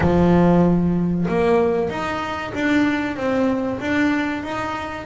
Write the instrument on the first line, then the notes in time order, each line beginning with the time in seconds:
double bass
0.00 F3
1.28 A#3
1.89 D#4
2.54 D4
3.16 C4
3.80 D4
4.43 D#4